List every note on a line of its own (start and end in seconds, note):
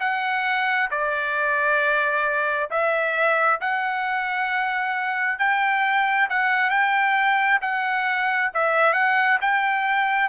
0.00 0.90 F#5
0.90 2.69 D5
2.70 3.60 E5
3.61 5.39 F#5
5.39 6.28 G5
6.29 6.70 F#5
6.70 7.60 G5
7.62 8.51 F#5
8.54 8.93 E5
8.93 9.38 F#5
9.41 10.29 G5